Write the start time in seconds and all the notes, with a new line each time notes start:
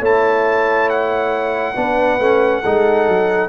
0.00 A3 E4 C#5 A5
0.90 F#5
1.76 B3 D4 B4
2.20 A3 C#4
2.62 G#3 D#4 A4
3.08 F#3